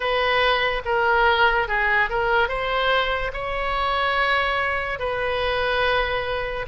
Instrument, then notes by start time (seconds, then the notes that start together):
oboe
0.00 B4
0.85 A#4
1.68 G#4
2.09 A#4
2.48 C5
3.33 C#5
4.99 B4